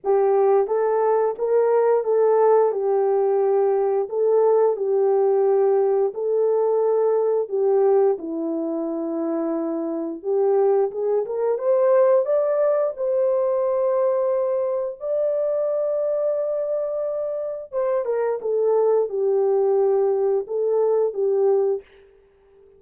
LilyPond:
\new Staff \with { instrumentName = "horn" } { \time 4/4 \tempo 4 = 88 g'4 a'4 ais'4 a'4 | g'2 a'4 g'4~ | g'4 a'2 g'4 | e'2. g'4 |
gis'8 ais'8 c''4 d''4 c''4~ | c''2 d''2~ | d''2 c''8 ais'8 a'4 | g'2 a'4 g'4 | }